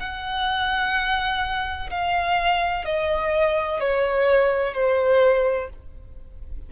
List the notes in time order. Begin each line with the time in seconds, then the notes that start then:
0.00 F#5
1.90 F5
2.86 D#5
3.81 C#5
4.74 C5